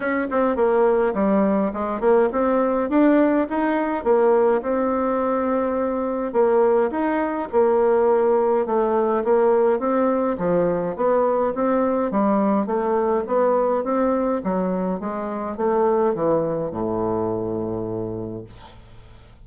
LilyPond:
\new Staff \with { instrumentName = "bassoon" } { \time 4/4 \tempo 4 = 104 cis'8 c'8 ais4 g4 gis8 ais8 | c'4 d'4 dis'4 ais4 | c'2. ais4 | dis'4 ais2 a4 |
ais4 c'4 f4 b4 | c'4 g4 a4 b4 | c'4 fis4 gis4 a4 | e4 a,2. | }